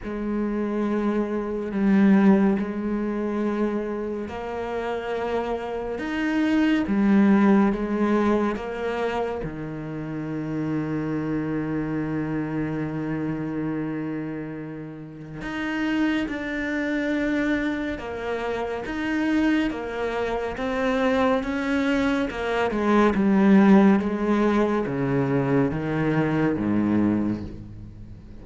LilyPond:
\new Staff \with { instrumentName = "cello" } { \time 4/4 \tempo 4 = 70 gis2 g4 gis4~ | gis4 ais2 dis'4 | g4 gis4 ais4 dis4~ | dis1~ |
dis2 dis'4 d'4~ | d'4 ais4 dis'4 ais4 | c'4 cis'4 ais8 gis8 g4 | gis4 cis4 dis4 gis,4 | }